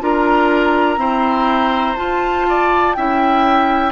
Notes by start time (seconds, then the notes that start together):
0.00 D4 F4 A#4 A#5
0.97 C4 E4 C5
1.95 F4 A5
2.48 D5
2.94 C#4 E4 E5 G5